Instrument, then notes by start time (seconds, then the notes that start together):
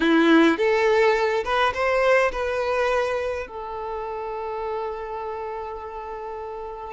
violin
0.00 E4
0.57 A4
1.44 B4
1.74 C5
2.32 B4
3.47 A4